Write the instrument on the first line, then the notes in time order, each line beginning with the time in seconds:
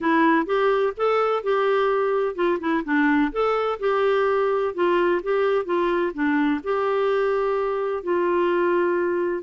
clarinet
0.00 E4
0.46 G4
0.97 A4
1.43 G4
2.35 F4
2.60 E4
2.84 D4
3.32 A4
3.79 G4
4.74 F4
5.22 G4
5.65 F4
6.13 D4
6.63 G4
8.03 F4